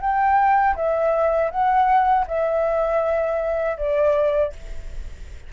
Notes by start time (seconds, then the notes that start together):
0.00 G5
0.75 E5
1.51 F#5
2.27 E5
3.77 D5